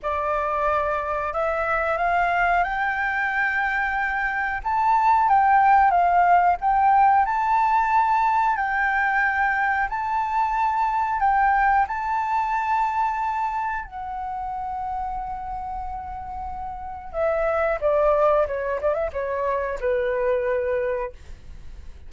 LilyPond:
\new Staff \with { instrumentName = "flute" } { \time 4/4 \tempo 4 = 91 d''2 e''4 f''4 | g''2. a''4 | g''4 f''4 g''4 a''4~ | a''4 g''2 a''4~ |
a''4 g''4 a''2~ | a''4 fis''2.~ | fis''2 e''4 d''4 | cis''8 d''16 e''16 cis''4 b'2 | }